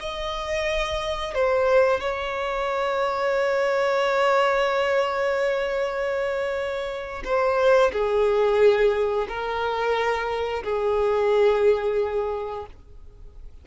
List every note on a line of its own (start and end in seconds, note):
0.00 1.35 D#5
1.35 2.00 C5
2.00 7.23 C#5
7.25 7.92 C5
7.92 9.27 G#4
9.28 10.64 A#4
10.64 12.66 G#4